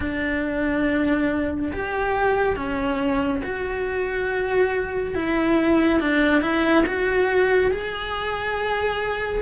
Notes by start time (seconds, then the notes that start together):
0.00 D4
1.72 G4
2.56 C#4
3.43 F#4
5.14 E4
6.00 D4
6.41 E4
6.86 F#4
7.71 G#4